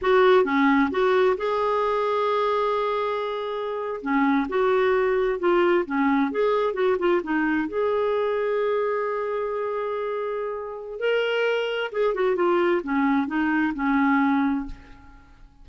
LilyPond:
\new Staff \with { instrumentName = "clarinet" } { \time 4/4 \tempo 4 = 131 fis'4 cis'4 fis'4 gis'4~ | gis'1~ | gis'8. cis'4 fis'2 f'16~ | f'8. cis'4 gis'4 fis'8 f'8 dis'16~ |
dis'8. gis'2.~ gis'16~ | gis'1 | ais'2 gis'8 fis'8 f'4 | cis'4 dis'4 cis'2 | }